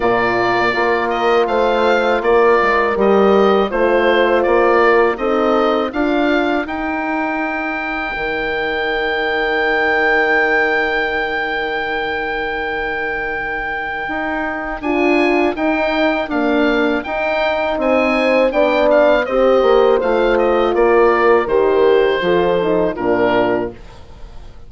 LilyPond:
<<
  \new Staff \with { instrumentName = "oboe" } { \time 4/4 \tempo 4 = 81 d''4. dis''8 f''4 d''4 | dis''4 c''4 d''4 dis''4 | f''4 g''2.~ | g''1~ |
g''1 | gis''4 g''4 f''4 g''4 | gis''4 g''8 f''8 dis''4 f''8 dis''8 | d''4 c''2 ais'4 | }
  \new Staff \with { instrumentName = "horn" } { \time 4/4 f'4 ais'4 c''4 ais'4~ | ais'4 c''4. ais'8 a'4 | ais'1~ | ais'1~ |
ais'1~ | ais'1 | c''4 d''4 c''2 | ais'2 a'4 f'4 | }
  \new Staff \with { instrumentName = "horn" } { \time 4/4 ais4 f'2. | g'4 f'2 dis'4 | f'4 dis'2.~ | dis'1~ |
dis'1 | f'4 dis'4 ais4 dis'4~ | dis'4 d'4 g'4 f'4~ | f'4 g'4 f'8 dis'8 d'4 | }
  \new Staff \with { instrumentName = "bassoon" } { \time 4/4 ais,4 ais4 a4 ais8 gis8 | g4 a4 ais4 c'4 | d'4 dis'2 dis4~ | dis1~ |
dis2. dis'4 | d'4 dis'4 d'4 dis'4 | c'4 b4 c'8 ais8 a4 | ais4 dis4 f4 ais,4 | }
>>